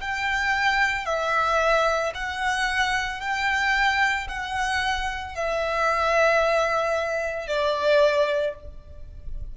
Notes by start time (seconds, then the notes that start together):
0.00 G5
1.05 E5
2.14 F#5
3.20 G5
4.28 F#5
5.35 E5
7.47 D5